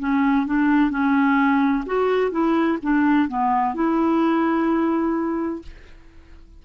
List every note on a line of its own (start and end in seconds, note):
0.00 0.47 C#4
0.47 0.91 D4
0.91 1.84 C#4
1.86 2.32 F#4
2.32 2.78 E4
2.83 3.29 D4
3.29 3.75 B3
3.75 5.62 E4